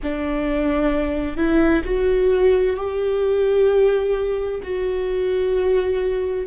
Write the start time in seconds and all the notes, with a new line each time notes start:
0.03 D4
1.36 E4
1.84 F#4
2.76 G4
4.63 F#4